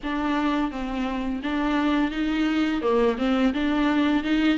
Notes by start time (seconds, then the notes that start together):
0.03 D4
0.71 C4
1.42 D4
2.11 D#4
2.81 A#3
3.18 C4
3.53 D4
4.23 D#4